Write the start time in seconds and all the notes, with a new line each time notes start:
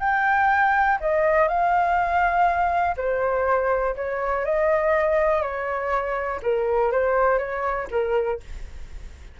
0.00 G5
1.00 D#5
1.48 F5
2.97 C5
3.96 C#5
4.45 D#5
5.42 C#5
6.42 A#4
6.92 C5
7.38 C#5
7.90 A#4